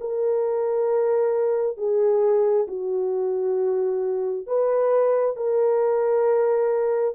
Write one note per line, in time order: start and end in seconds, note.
0.00 1.77 A#4
1.77 2.66 G#4
2.67 4.46 F#4
4.47 5.36 B4
5.36 7.15 A#4